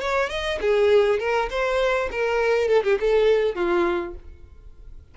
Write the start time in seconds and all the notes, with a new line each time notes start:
0.00 C#5
0.30 D#5
0.62 G#4
1.20 A#4
1.50 C5
2.12 A#4
2.68 A4
2.84 G4
3.00 A4
3.55 F4